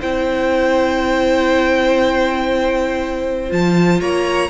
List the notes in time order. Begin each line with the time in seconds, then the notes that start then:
0.00 C4 E4 C5 G5
3.49 F3 F4 A5
4.00 A#3 C#5 A#5